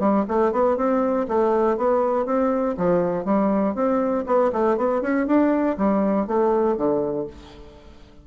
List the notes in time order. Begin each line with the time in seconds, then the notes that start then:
0.00 G3
0.28 A3
0.52 B3
0.77 C4
1.28 A3
1.78 B3
2.26 C4
2.78 F3
3.25 G3
3.75 C4
4.27 B3
4.53 A3
4.78 B3
5.02 C#4
5.27 D4
5.78 G3
6.27 A3
6.77 D3